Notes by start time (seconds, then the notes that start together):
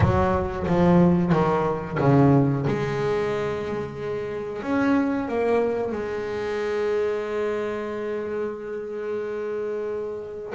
0.00 F#3
0.67 F3
1.32 D#3
2.00 C#3
2.67 G#3
4.62 C#4
5.27 A#3
5.92 G#3